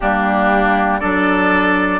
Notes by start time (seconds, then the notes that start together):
0.00 G3 A#3 D4 G4
0.99 F#3 D4 A4 D5